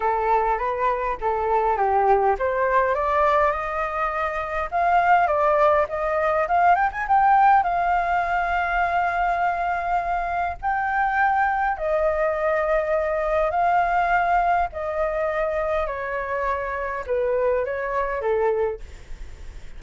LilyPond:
\new Staff \with { instrumentName = "flute" } { \time 4/4 \tempo 4 = 102 a'4 b'4 a'4 g'4 | c''4 d''4 dis''2 | f''4 d''4 dis''4 f''8 g''16 gis''16 | g''4 f''2.~ |
f''2 g''2 | dis''2. f''4~ | f''4 dis''2 cis''4~ | cis''4 b'4 cis''4 a'4 | }